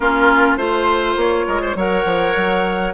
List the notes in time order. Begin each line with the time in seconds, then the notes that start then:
0.00 A#3 C#4 F4 A#4
0.56 A3 F4 C5
1.16 A#3 C#5
1.46 G#3 A#4
1.61 C5
1.75 F#3 A#4 C#5 F#5
2.04 F3
2.36 F#3